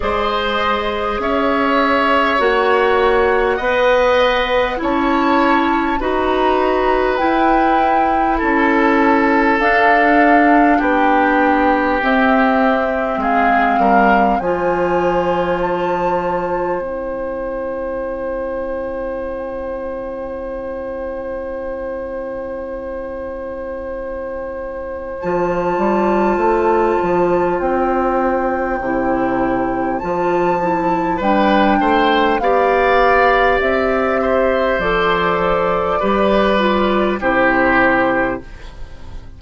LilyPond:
<<
  \new Staff \with { instrumentName = "flute" } { \time 4/4 \tempo 4 = 50 dis''4 e''4 fis''2 | a''4 ais''4 g''4 a''4 | f''4 g''4 e''4 f''4 | gis''4 a''4 g''2~ |
g''1~ | g''4 a''2 g''4~ | g''4 a''4 g''4 f''4 | e''4 d''2 c''4 | }
  \new Staff \with { instrumentName = "oboe" } { \time 4/4 c''4 cis''2 dis''4 | cis''4 b'2 a'4~ | a'4 g'2 gis'8 ais'8 | c''1~ |
c''1~ | c''1~ | c''2 b'8 c''8 d''4~ | d''8 c''4. b'4 g'4 | }
  \new Staff \with { instrumentName = "clarinet" } { \time 4/4 gis'2 fis'4 b'4 | e'4 fis'4 e'2 | d'2 c'2 | f'2 e'2~ |
e'1~ | e'4 f'2. | e'4 f'8 e'8 d'4 g'4~ | g'4 a'4 g'8 f'8 e'4 | }
  \new Staff \with { instrumentName = "bassoon" } { \time 4/4 gis4 cis'4 ais4 b4 | cis'4 dis'4 e'4 cis'4 | d'4 b4 c'4 gis8 g8 | f2 c'2~ |
c'1~ | c'4 f8 g8 a8 f8 c'4 | c4 f4 g8 a8 b4 | c'4 f4 g4 c4 | }
>>